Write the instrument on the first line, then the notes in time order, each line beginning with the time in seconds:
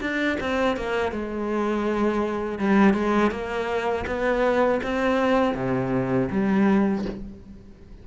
cello
0.00 D4
0.40 C4
0.76 A#3
1.11 G#3
2.58 G3
2.94 G#3
3.31 A#3
4.06 B3
4.83 C4
5.54 C3
6.31 G3